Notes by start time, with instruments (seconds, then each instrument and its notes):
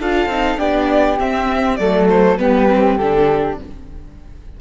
0.00 cello D4, viola F4, flute A4, violin F5
0.25 cello C4, viola D#4
0.58 cello B3, viola D4, flute G4, violin D5
1.19 cello C4, viola C4, violin E5
1.76 cello F#3, viola A3, flute A4, violin D5
2.09 violin C5
2.38 cello G3, viola B3, flute G4, violin B4
2.68 viola C4
2.97 cello D3, viola D4, violin A4